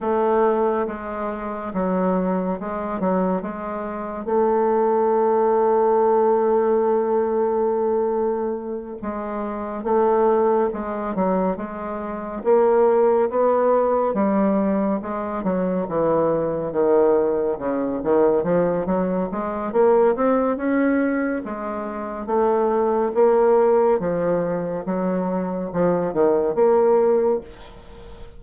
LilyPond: \new Staff \with { instrumentName = "bassoon" } { \time 4/4 \tempo 4 = 70 a4 gis4 fis4 gis8 fis8 | gis4 a2.~ | a2~ a8 gis4 a8~ | a8 gis8 fis8 gis4 ais4 b8~ |
b8 g4 gis8 fis8 e4 dis8~ | dis8 cis8 dis8 f8 fis8 gis8 ais8 c'8 | cis'4 gis4 a4 ais4 | f4 fis4 f8 dis8 ais4 | }